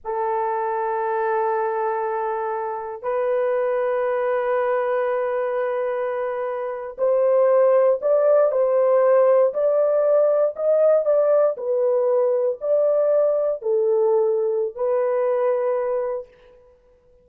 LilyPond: \new Staff \with { instrumentName = "horn" } { \time 4/4 \tempo 4 = 118 a'1~ | a'2 b'2~ | b'1~ | b'4.~ b'16 c''2 d''16~ |
d''8. c''2 d''4~ d''16~ | d''8. dis''4 d''4 b'4~ b'16~ | b'8. d''2 a'4~ a'16~ | a'4 b'2. | }